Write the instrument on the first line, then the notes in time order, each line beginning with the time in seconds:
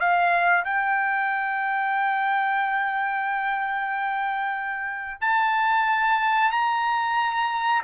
trumpet
0.00 F5
0.64 G5
5.21 A5
6.51 A#5